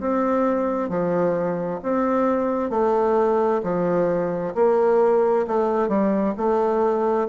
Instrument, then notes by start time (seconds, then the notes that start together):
bassoon
0.00 C4
0.89 F3
1.83 C4
2.70 A3
3.64 F3
4.55 A#3
5.48 A3
5.88 G3
6.37 A3